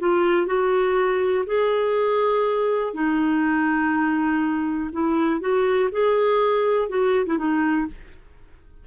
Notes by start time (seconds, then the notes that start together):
0.00 F4
0.46 F#4
1.46 G#4
2.94 D#4
4.93 E4
5.41 F#4
5.92 G#4
6.89 F#4
7.26 E4
7.38 D#4